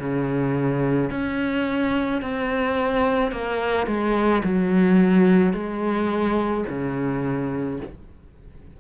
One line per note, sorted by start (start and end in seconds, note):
0.00 1.11 C#3
1.11 2.22 C#4
2.22 3.32 C4
3.32 3.87 A#3
3.87 4.43 G#3
4.44 5.54 F#3
5.54 6.65 G#3
6.69 7.80 C#3